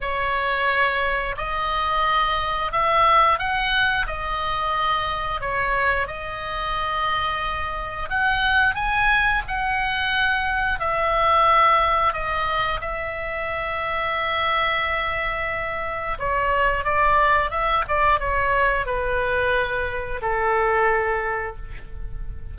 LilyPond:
\new Staff \with { instrumentName = "oboe" } { \time 4/4 \tempo 4 = 89 cis''2 dis''2 | e''4 fis''4 dis''2 | cis''4 dis''2. | fis''4 gis''4 fis''2 |
e''2 dis''4 e''4~ | e''1 | cis''4 d''4 e''8 d''8 cis''4 | b'2 a'2 | }